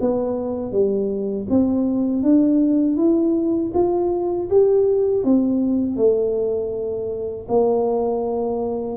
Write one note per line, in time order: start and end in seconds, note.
0.00 0.71 B3
0.71 1.46 G3
1.49 2.22 C4
2.22 2.96 D4
2.96 3.71 E4
3.74 4.49 F4
4.50 5.24 G4
5.24 5.96 C4
5.96 7.46 A3
7.48 8.97 A#3